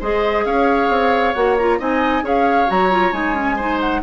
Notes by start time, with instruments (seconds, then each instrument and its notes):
0.00 bassoon G#3, clarinet G#4, oboe C5, flute D#5
0.46 bassoon C#4, oboe C#5, flute F5
0.90 bassoon C4
1.34 bassoon A#3, clarinet F#4, flute F#5
1.58 clarinet F4, flute A#5
1.79 bassoon C4, clarinet D#4, oboe D#5, flute G#5
2.23 bassoon C#4, clarinet G#4, oboe C#5, flute F5
2.67 bassoon F#3, clarinet F#4, flute A#5
2.91 clarinet F4
3.12 bassoon G#3, clarinet D#4, flute G#5
3.35 clarinet C#4
3.56 clarinet D#4, oboe C5
3.81 flute F#5